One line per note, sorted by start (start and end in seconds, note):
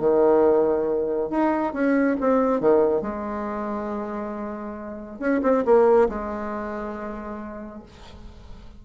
0.00 1.30 D#3
1.30 1.74 D#4
1.74 2.17 C#4
2.21 2.61 C4
2.61 3.02 D#3
3.02 5.20 G#3
5.20 5.42 C#4
5.43 5.65 C4
5.66 6.09 A#3
6.09 7.83 G#3